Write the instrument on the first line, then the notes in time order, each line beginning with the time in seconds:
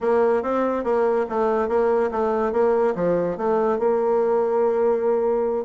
bassoon
0.00 A#3
0.42 C4
0.84 A#3
1.29 A3
1.68 A#3
2.11 A3
2.52 A#3
2.95 F3
3.37 A3
3.79 A#3